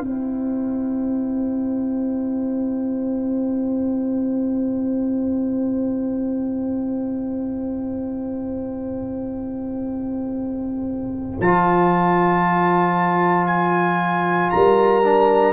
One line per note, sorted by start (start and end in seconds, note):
0.00 11.38 C4
0.00 11.41 E4
0.00 11.41 G5
0.06 14.54 C5
11.40 14.51 F3
11.40 15.04 F4
11.40 13.47 A5
13.47 14.50 G#5
14.50 15.53 G3
14.50 15.53 A#4
14.50 15.53 A#5
15.04 15.53 D4